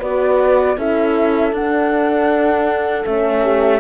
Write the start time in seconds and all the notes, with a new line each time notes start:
0.00 B3 F#4 B4 D5
0.78 C#4 E4 A4 E5
1.53 D4 F#5
3.05 A3 C#4 E5
3.43 G4